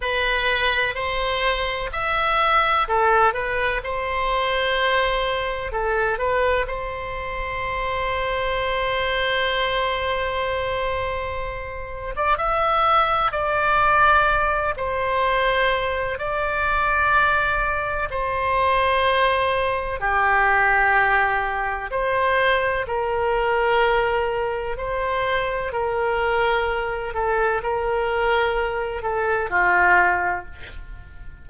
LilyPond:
\new Staff \with { instrumentName = "oboe" } { \time 4/4 \tempo 4 = 63 b'4 c''4 e''4 a'8 b'8 | c''2 a'8 b'8 c''4~ | c''1~ | c''8. d''16 e''4 d''4. c''8~ |
c''4 d''2 c''4~ | c''4 g'2 c''4 | ais'2 c''4 ais'4~ | ais'8 a'8 ais'4. a'8 f'4 | }